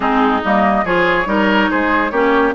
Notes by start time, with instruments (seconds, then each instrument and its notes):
0.00 bassoon G#3, clarinet C4, oboe D#4, flute G#4
0.43 bassoon G3, clarinet A#3, flute D#5
0.84 bassoon F3, clarinet F4, oboe G#4, flute C#5
1.25 bassoon G3, clarinet D#4, oboe A#4
1.70 bassoon G#3, oboe G#4, flute C5
2.10 bassoon A#3, clarinet C#4, oboe G4, flute C#5